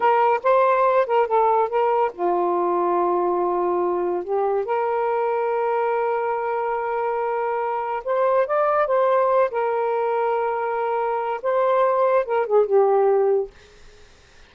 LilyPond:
\new Staff \with { instrumentName = "saxophone" } { \time 4/4 \tempo 4 = 142 ais'4 c''4. ais'8 a'4 | ais'4 f'2.~ | f'2 g'4 ais'4~ | ais'1~ |
ais'2. c''4 | d''4 c''4. ais'4.~ | ais'2. c''4~ | c''4 ais'8 gis'8 g'2 | }